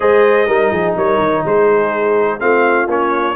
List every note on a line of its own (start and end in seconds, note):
0.00 0.48 G#3
0.00 0.46 G#4
0.00 0.47 C5
0.00 0.94 D#5
0.47 0.71 G3
0.47 2.39 D#4
0.47 0.71 A#4
0.71 0.95 F3
0.71 0.95 G#4
0.95 1.17 G3
0.95 1.43 A#4
0.95 1.45 C#5
1.17 1.41 D#3
1.45 2.41 G#3
1.45 2.40 G#4
1.45 2.40 C5
2.39 2.87 A3
2.39 2.87 C4
2.39 3.35 F4
2.39 2.88 F5
2.87 3.35 A#3
2.87 3.35 C#4
2.87 3.35 C#5